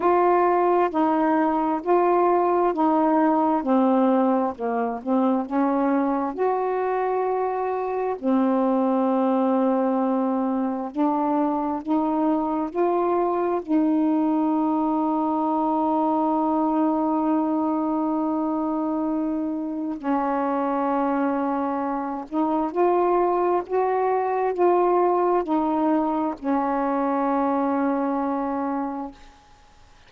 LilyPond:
\new Staff \with { instrumentName = "saxophone" } { \time 4/4 \tempo 4 = 66 f'4 dis'4 f'4 dis'4 | c'4 ais8 c'8 cis'4 fis'4~ | fis'4 c'2. | d'4 dis'4 f'4 dis'4~ |
dis'1~ | dis'2 cis'2~ | cis'8 dis'8 f'4 fis'4 f'4 | dis'4 cis'2. | }